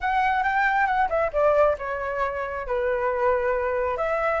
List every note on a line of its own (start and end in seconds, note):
0.01 0.43 F#5
0.43 0.86 G5
0.86 1.08 F#5
1.09 1.31 E5
1.32 1.76 D5
1.78 2.66 C#5
2.67 3.97 B4
3.97 4.40 E5